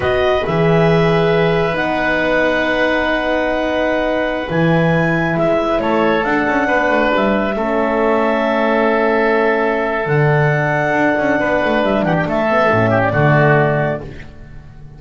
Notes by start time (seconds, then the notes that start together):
0.00 B3 F#4 B4 D#5
0.45 E3 G#4 E5
1.72 B3 D#4 F#5
4.49 E3 E4 G#5
5.36 G#3 E5
5.80 A3 A4 C#5
6.23 D4 F#5
6.47 C#4
6.67 B3 B4
6.89 A3
7.15 G3 E5
7.55 A3 C#4 A4
10.06 D3 D4 F#5
10.92 D4
11.17 C#4
11.39 B3 B4
11.65 A3
11.82 G3 E5
12.02 E3 G4 F#5
12.17 G5
12.25 A3 A4 E5
12.49 B3
12.70 A2 C#4
12.89 G4
13.02 D5
13.13 D3 A3 F#4